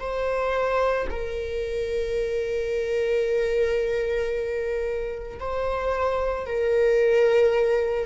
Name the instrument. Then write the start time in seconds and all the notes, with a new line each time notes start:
viola
0.00 C5
1.10 A#4
5.40 C5
6.46 A#4